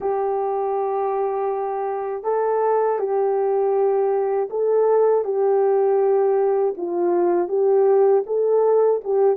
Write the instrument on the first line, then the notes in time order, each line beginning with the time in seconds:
horn
0.00 G4
2.23 A4
2.98 G4
4.50 A4
5.24 G4
6.77 F4
7.48 G4
8.26 A4
9.03 G4